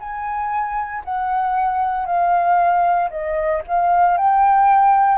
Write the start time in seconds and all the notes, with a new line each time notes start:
0.00 G#5
1.05 F#5
2.06 F5
3.10 D#5
3.68 F5
4.18 G5